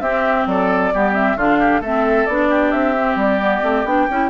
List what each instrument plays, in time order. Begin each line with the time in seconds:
0.00 bassoon C4, clarinet C4, oboe G4, flute E5
0.46 bassoon F#3, oboe A4, flute D5
0.93 bassoon G3, clarinet B3, oboe G4
1.14 clarinet C4, flute E5
1.36 bassoon D3, clarinet D4, oboe F4, flute F5
1.59 oboe G4
1.80 bassoon A3, clarinet C4, oboe A4, flute E5
2.26 bassoon B3, clarinet D4, flute D5
2.49 oboe G4
2.71 bassoon C4, flute E5
2.96 clarinet C4
3.15 bassoon G3, flute D5
3.40 clarinet B3
3.62 bassoon A3, clarinet C4
3.84 bassoon B3, clarinet D4, flute G5
4.10 bassoon C#4, clarinet E4